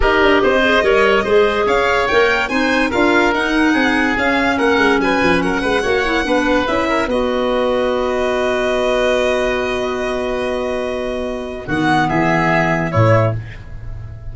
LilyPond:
<<
  \new Staff \with { instrumentName = "violin" } { \time 4/4 \tempo 4 = 144 dis''1 | f''4 g''4 gis''4 f''4 | fis''2 f''4 fis''4 | gis''4 fis''2. |
e''4 dis''2.~ | dis''1~ | dis''1 | fis''4 e''2 cis''4 | }
  \new Staff \with { instrumentName = "oboe" } { \time 4/4 ais'4 c''4 cis''4 c''4 | cis''2 c''4 ais'4~ | ais'4 gis'2 ais'4 | b'4 ais'8 b'8 cis''4 b'4~ |
b'8 ais'8 b'2.~ | b'1~ | b'1 | fis'4 gis'2 e'4 | }
  \new Staff \with { instrumentName = "clarinet" } { \time 4/4 g'4. gis'8 ais'4 gis'4~ | gis'4 ais'4 dis'4 f'4 | dis'2 cis'2~ | cis'2 fis'8 e'8 d'4 |
e'4 fis'2.~ | fis'1~ | fis'1 | b2. a4 | }
  \new Staff \with { instrumentName = "tuba" } { \time 4/4 dis'8 d'8 c'4 g4 gis4 | cis'4 ais4 c'4 d'4 | dis'4 c'4 cis'4 ais8 gis8 | fis8 f8 fis8 gis8 ais4 b4 |
cis'4 b2.~ | b1~ | b1 | dis4 e2 a,4 | }
>>